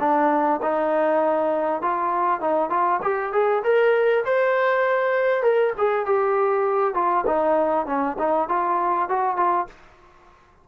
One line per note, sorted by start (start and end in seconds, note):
0.00 0.61 D4
0.63 1.82 D#4
1.82 2.40 F4
2.40 2.70 D#4
2.70 3.00 F4
3.02 3.33 G4
3.33 3.63 G#4
3.64 4.24 A#4
4.25 5.43 C5
5.43 5.73 A#4
5.78 6.06 G#4
6.06 6.94 G4
6.94 7.25 F4
7.27 7.86 D#4
7.86 8.17 C#4
8.18 8.48 D#4
8.48 9.09 F4
9.09 9.37 F#4
9.37 9.67 F4